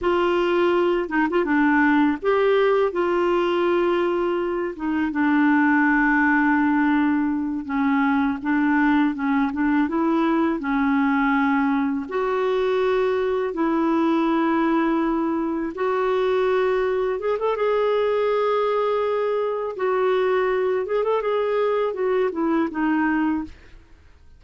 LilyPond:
\new Staff \with { instrumentName = "clarinet" } { \time 4/4 \tempo 4 = 82 f'4. dis'16 f'16 d'4 g'4 | f'2~ f'8 dis'8 d'4~ | d'2~ d'8 cis'4 d'8~ | d'8 cis'8 d'8 e'4 cis'4.~ |
cis'8 fis'2 e'4.~ | e'4. fis'2 gis'16 a'16 | gis'2. fis'4~ | fis'8 gis'16 a'16 gis'4 fis'8 e'8 dis'4 | }